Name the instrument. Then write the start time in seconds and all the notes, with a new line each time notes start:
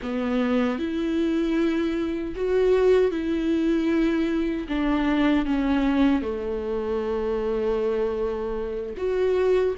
viola
0.02 B3
0.78 E4
2.35 F#4
3.11 E4
4.68 D4
5.45 C#4
6.21 A3
8.97 F#4